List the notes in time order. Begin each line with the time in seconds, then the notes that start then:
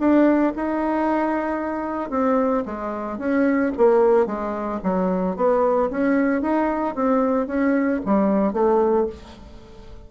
0.00 D4
0.56 D#4
2.11 C4
2.66 G#3
3.19 C#4
3.78 A#3
4.27 G#3
4.84 F#3
5.37 B3
5.91 C#4
6.42 D#4
6.96 C4
7.47 C#4
8.06 G3
8.53 A3